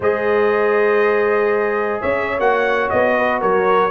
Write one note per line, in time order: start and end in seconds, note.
0.00 1.99 G#3
0.00 2.40 G#4
0.00 2.01 C5
0.00 2.01 D#5
2.01 2.39 C#4
2.01 3.14 C#5
2.01 2.39 E5
2.39 2.89 A#3
2.39 3.91 F#4
2.39 2.89 F#5
2.89 3.42 B3
2.89 3.40 D#5
3.17 3.40 B4
3.40 3.91 F#3
3.40 3.91 A#4
3.40 3.91 C#5